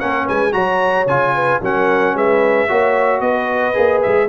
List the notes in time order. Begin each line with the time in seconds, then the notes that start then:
0.00 A#3 C#4 A#4 F#5
0.26 G#3 B4 G#5
0.52 F#3 F#4 C#5 A#5
1.06 C#3 F4 G#5
1.35 B4
1.61 F#3 C#4 A#4 F#5
2.15 G#3 B4 E5
2.68 A#3 F#4 C#5
3.21 B3 B4 D#5
3.74 A#3 G#4
4.02 G#3 E5